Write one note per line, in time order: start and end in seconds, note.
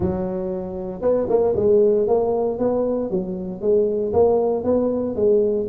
0.00 1.01 F#3
1.01 1.27 B3
1.29 1.54 A#3
1.55 2.07 G#3
2.07 2.59 A#3
2.59 3.10 B3
3.10 3.61 F#3
3.61 4.12 G#3
4.13 4.63 A#3
4.63 5.15 B3
5.15 5.67 G#3